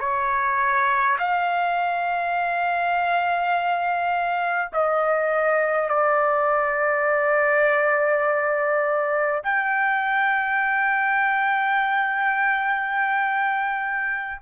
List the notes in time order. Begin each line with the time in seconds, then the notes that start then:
0.00 C#5
1.19 F5
4.73 D#5
5.89 D5
9.43 G5